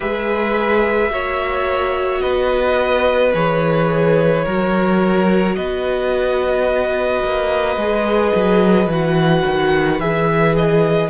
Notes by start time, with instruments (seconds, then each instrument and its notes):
0.00 cello G#3, viola G#4, violin B4 E5
1.10 cello A#3, viola F#4, violin C#5
2.21 cello B3, violin B4 D#5
3.33 cello E3, viola G#4, violin C#5
4.44 cello F#3, viola F#4, violin A#4
5.55 cello B3, violin B4 D#5
7.23 cello A#3
7.76 cello G#3, viola G#4
8.35 cello F#3
8.87 cello E3, viola F#4, violin F#5
9.45 cello D#3
9.99 cello E3, viola G#4, violin E5
10.56 violin D#5